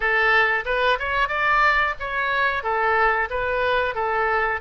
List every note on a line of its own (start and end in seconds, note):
0.00 0.64 A4
0.65 0.98 B4
0.99 1.28 C#5
1.28 1.94 D5
1.99 2.63 C#5
2.63 3.28 A4
3.30 3.94 B4
3.94 4.60 A4